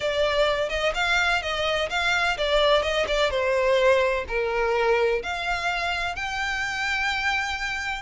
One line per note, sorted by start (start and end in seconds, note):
0.00 0.69 D5
0.69 0.92 D#5
0.94 1.42 F5
1.42 1.89 D#5
1.89 2.37 F5
2.37 2.82 D5
2.82 3.06 D#5
3.07 3.30 D5
3.30 4.25 C5
4.28 5.22 A#4
5.22 6.15 F5
6.15 8.02 G5